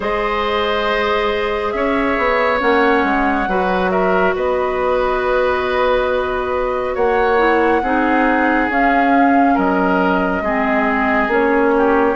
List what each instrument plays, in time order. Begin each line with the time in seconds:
0.00 bassoon G#3, clarinet G#4, oboe C5, flute D#5
1.71 bassoon C#4, oboe C#5, flute E5
2.17 bassoon B3
2.59 bassoon A#3, clarinet C#4, flute F#5
3.03 bassoon G#3
3.47 bassoon F#3, clarinet F#4, oboe B4
3.90 oboe A#4, flute E5
4.35 bassoon B3, oboe B4, flute D#5
6.94 bassoon A#3, oboe C#5, flute F#5
7.38 clarinet E4
7.82 bassoon C4, clarinet D#4, oboe G#4
8.68 bassoon C#4, clarinet C#4, flute F5
9.54 bassoon F#3, oboe A#4, flute D#5
10.41 bassoon G#3, clarinet C4, oboe G#4
11.27 bassoon A#3, clarinet C#4, flute C#5
11.76 oboe G4